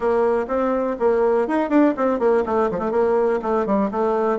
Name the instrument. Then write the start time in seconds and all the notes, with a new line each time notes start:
bassoon
0.00 A#3
0.47 C4
0.99 A#3
1.47 D#4
1.69 D4
1.96 C4
2.19 A#3
2.45 A3
2.71 F3
2.78 A3
2.91 A#3
3.41 A3
3.66 G3
3.91 A3